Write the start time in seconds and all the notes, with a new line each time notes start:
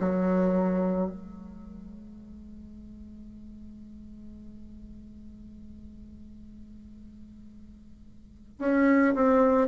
0.00 F#3
1.11 G#3
8.59 C#4
9.15 C4